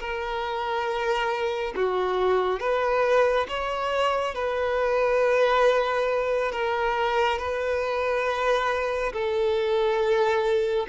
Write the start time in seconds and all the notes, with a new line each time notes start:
0.00 A#4
1.76 F#4
2.60 B4
3.49 C#5
4.35 B4
6.52 A#4
7.39 B4
9.13 A4